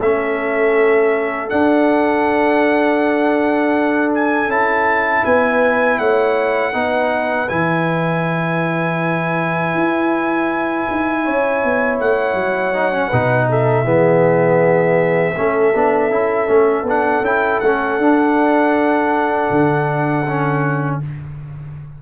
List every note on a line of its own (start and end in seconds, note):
0.00 1.50 A3
0.00 1.49 C#4
0.00 5.24 A4
0.00 1.49 E5
1.49 4.49 D4
1.49 4.48 D4
1.49 4.11 F#5
4.14 4.51 G#5
4.48 5.23 C#4
4.48 6.73 E4
4.48 5.25 A5
5.24 5.98 B3
5.24 5.99 B4
5.24 5.98 G#5
5.98 6.73 A3
5.98 6.74 C#5
5.98 7.48 F#5
6.73 7.49 B3
6.73 7.48 D#4
6.73 11.24 B4
7.48 9.74 E3
7.48 12.73 E4
7.48 11.98 G#5
9.74 10.87 E4
10.91 11.27 D#4
11.24 11.63 C#4
11.24 13.08 C#5
11.63 12.00 B3
11.99 12.33 A3
11.99 13.49 F#5
12.33 13.08 F#3
12.73 12.92 D#4
12.92 13.11 C#4
13.08 13.84 B2
13.08 13.85 D#4
13.08 13.45 B4
13.49 13.85 A4
13.49 16.89 E5
13.84 15.34 E3
13.84 15.35 B3
13.84 15.35 G#4
15.36 15.74 A3
15.36 15.73 C#4
15.36 21.00 A4
15.74 16.10 B3
15.74 16.11 D4
16.10 16.47 C#4
16.10 16.47 E4
16.47 16.82 A3
16.47 16.84 C#4
16.82 17.20 B3
16.82 17.24 D4
16.89 17.25 F#5
17.21 17.58 C#4
17.21 17.61 E4
17.21 17.59 G5
17.59 17.98 A3
17.59 18.01 C#4
17.59 20.97 F#5
17.98 19.48 D4
17.98 20.26 D4
19.50 21.00 D3
20.27 21.02 C#4